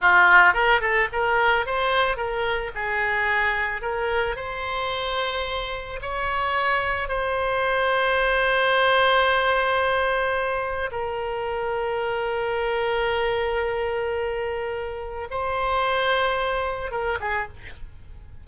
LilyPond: \new Staff \with { instrumentName = "oboe" } { \time 4/4 \tempo 4 = 110 f'4 ais'8 a'8 ais'4 c''4 | ais'4 gis'2 ais'4 | c''2. cis''4~ | cis''4 c''2.~ |
c''1 | ais'1~ | ais'1 | c''2. ais'8 gis'8 | }